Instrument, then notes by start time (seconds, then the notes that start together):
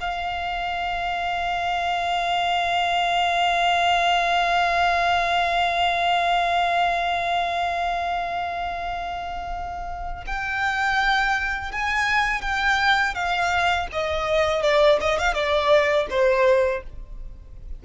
violin
0.00 F5
10.27 G5
11.72 G#5
12.42 G5
13.14 F5
13.92 D#5
14.62 D5
15.01 D#5
15.19 F5
15.34 D5
16.10 C5